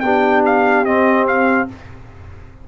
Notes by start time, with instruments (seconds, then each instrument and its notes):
0.00 tuba B3, trombone D4, horn G4, trumpet G5
0.45 trumpet F5
0.84 tuba C4, trombone C4, trumpet D#5
1.27 trumpet F5